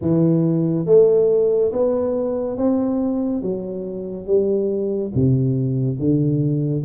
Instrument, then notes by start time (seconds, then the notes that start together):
tuba
0.01 E3
0.86 A3
1.72 B3
2.57 C4
3.42 F#3
4.26 G3
5.14 C3
5.98 D3